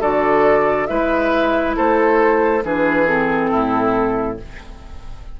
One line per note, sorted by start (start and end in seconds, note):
0.00 0.87 D3
0.00 0.87 F#4
0.00 0.87 A4
0.00 0.86 D5
0.86 1.76 G#3
0.86 2.61 E4
0.86 1.76 B4
0.86 1.73 E5
1.76 2.63 A3
1.76 2.63 A4
1.76 2.64 C5
2.62 3.50 E3
2.62 3.06 D4
2.62 3.50 G#4
2.62 3.06 B4
3.06 4.36 C4
3.06 4.37 A4
3.50 4.39 A2
3.50 4.37 E4